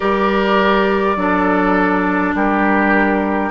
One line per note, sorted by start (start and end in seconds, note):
0.00 1.16 G3
0.00 1.16 G4
0.00 1.16 A#4
0.00 2.34 D5
1.16 2.33 F#3
1.16 3.50 D4
1.16 2.35 A4
2.34 3.50 G3
2.34 3.50 G4
2.34 3.50 A#4